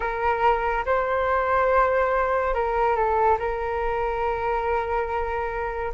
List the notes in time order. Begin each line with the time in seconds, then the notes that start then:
0.00 A#4
0.85 C5
2.54 A#4
2.95 A4
3.38 A#4